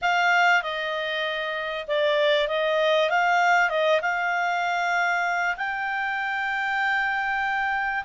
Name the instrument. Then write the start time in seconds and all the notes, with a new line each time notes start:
clarinet
0.01 F5
0.62 D#5
1.87 D5
2.47 D#5
3.09 F5
3.69 D#5
4.01 F5
5.56 G5